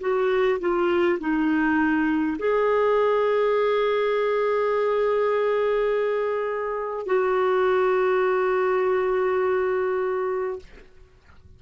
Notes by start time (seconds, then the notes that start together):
0.00 F#4
0.60 F4
1.19 D#4
2.39 G#4
7.06 F#4